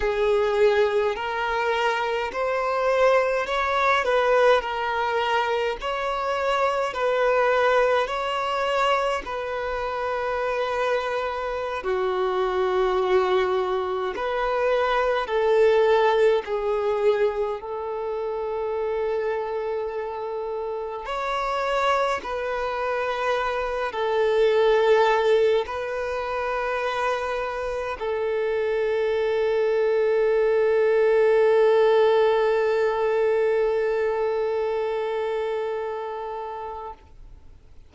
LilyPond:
\new Staff \with { instrumentName = "violin" } { \time 4/4 \tempo 4 = 52 gis'4 ais'4 c''4 cis''8 b'8 | ais'4 cis''4 b'4 cis''4 | b'2~ b'16 fis'4.~ fis'16~ | fis'16 b'4 a'4 gis'4 a'8.~ |
a'2~ a'16 cis''4 b'8.~ | b'8. a'4. b'4.~ b'16~ | b'16 a'2.~ a'8.~ | a'1 | }